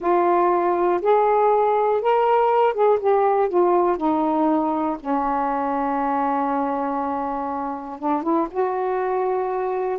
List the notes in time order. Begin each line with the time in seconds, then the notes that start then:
0.00 F4
1.01 G#4
2.01 A#4
2.73 G#4
3.00 G4
3.48 F4
3.97 D#4
4.99 C#4
7.99 D4
8.22 E4
8.50 F#4